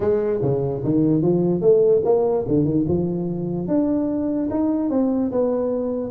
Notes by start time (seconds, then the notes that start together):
0.00 G#3
0.42 C#3
0.84 D#3
1.22 F3
1.61 A3
2.04 A#3
2.47 D3
2.64 D#3
2.88 F3
3.67 D4
4.50 D#4
4.90 C4
5.31 B3